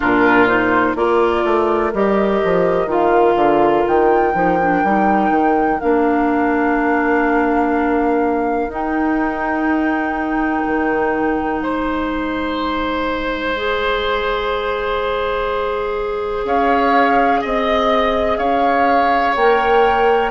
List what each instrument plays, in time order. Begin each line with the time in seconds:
0.00 bassoon A#2, clarinet D4, oboe F4, flute A#4
0.46 clarinet D#4, flute C5
0.95 bassoon A#3, clarinet F4, oboe A#4, flute D5
1.45 bassoon A3
1.93 bassoon G3, clarinet G4, flute D#5
2.44 bassoon F3
2.86 bassoon D#3, clarinet F4, flute F5
3.35 bassoon D3
3.86 bassoon D#3, flute G5
4.33 bassoon F3, clarinet D#4
4.61 clarinet D4
4.83 bassoon G3, clarinet D#4
5.30 bassoon D#3
5.80 bassoon A#3, clarinet D4, flute F5
8.68 bassoon D#4, clarinet D#4, flute G5
10.66 bassoon D#3
11.61 bassoon G#3, oboe C5, flute D#5
13.55 clarinet G#4
16.44 bassoon C#4, oboe C#5, flute F5
17.41 bassoon C4, oboe D#5, flute D#5
18.37 bassoon C#4, oboe C#5, flute F5
19.35 bassoon A#3, clarinet A#4, flute G5